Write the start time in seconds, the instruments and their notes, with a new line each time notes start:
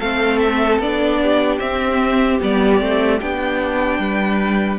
0.00 cello A3, viola C4, violin A4 F5
0.38 violin E5
0.79 cello B3, viola D4, violin D5
1.22 violin G4
1.59 viola C4, cello C4, violin E5
2.40 cello G3, viola B3, violin D5
2.80 cello A3, viola C4
3.21 cello B3, viola D4, violin G5
3.99 cello G3, violin B4